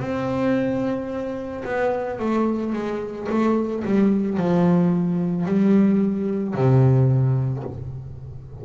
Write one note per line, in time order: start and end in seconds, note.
0.00 1.64 C4
1.65 2.19 B3
2.19 2.73 A3
2.73 3.27 G#3
3.29 3.83 A3
3.84 4.37 G3
4.37 5.46 F3
5.46 6.54 G3
6.54 7.63 C3